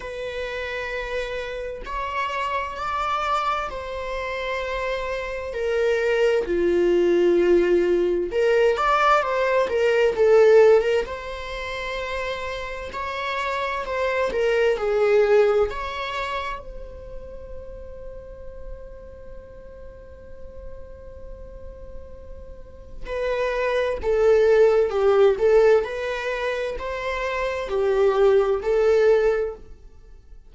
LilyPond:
\new Staff \with { instrumentName = "viola" } { \time 4/4 \tempo 4 = 65 b'2 cis''4 d''4 | c''2 ais'4 f'4~ | f'4 ais'8 d''8 c''8 ais'8 a'8. ais'16 | c''2 cis''4 c''8 ais'8 |
gis'4 cis''4 c''2~ | c''1~ | c''4 b'4 a'4 g'8 a'8 | b'4 c''4 g'4 a'4 | }